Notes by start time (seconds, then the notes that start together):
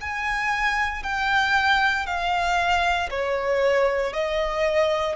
0.00 G#5
1.03 G5
2.06 F5
3.10 C#5
4.13 D#5